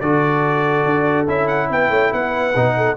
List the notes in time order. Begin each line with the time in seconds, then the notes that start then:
0.00 D3 F#4 A4 D5
0.85 D4
1.28 C#4 E4 E5
1.48 F#5
1.70 B3 B4 G5
1.90 A3 C#5
2.11 B3 B4 F#5
2.56 B2 D#4
2.77 A4